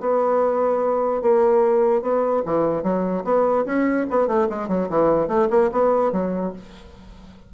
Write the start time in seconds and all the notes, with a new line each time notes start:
0.00 B3
1.21 A#3
2.02 B3
2.45 E3
2.83 F#3
3.24 B3
3.65 C#4
4.10 B3
4.27 A3
4.49 G#3
4.68 F#3
4.89 E3
5.28 A3
5.50 A#3
5.72 B3
6.12 F#3